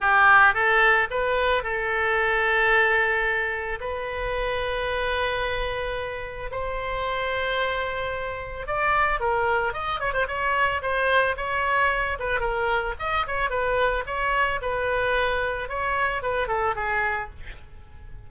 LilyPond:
\new Staff \with { instrumentName = "oboe" } { \time 4/4 \tempo 4 = 111 g'4 a'4 b'4 a'4~ | a'2. b'4~ | b'1 | c''1 |
d''4 ais'4 dis''8 cis''16 c''16 cis''4 | c''4 cis''4. b'8 ais'4 | dis''8 cis''8 b'4 cis''4 b'4~ | b'4 cis''4 b'8 a'8 gis'4 | }